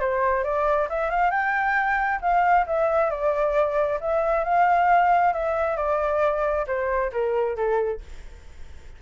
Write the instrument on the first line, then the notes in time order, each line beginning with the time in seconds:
flute
0.00 C5
0.43 D5
0.89 E5
1.10 F5
1.30 G5
2.21 F5
2.66 E5
3.10 D5
4.00 E5
4.44 F5
5.33 E5
5.76 D5
6.66 C5
7.12 A#4
7.56 A4